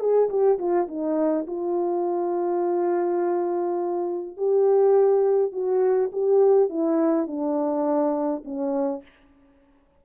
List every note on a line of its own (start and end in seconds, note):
0.00 0.29 G#4
0.29 0.59 G4
0.59 0.88 F4
0.88 1.46 D#4
1.47 4.37 F4
4.37 5.53 G4
5.53 6.11 F#4
6.12 6.70 G4
6.70 7.27 E4
7.27 8.44 D4
8.45 9.03 C#4